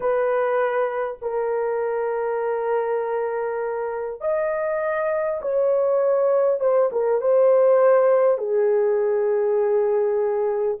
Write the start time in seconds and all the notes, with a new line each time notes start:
0.00 B4
1.21 A#4
4.21 D#5
5.41 C#5
6.60 C5
6.92 A#4
7.21 C5
8.38 G#4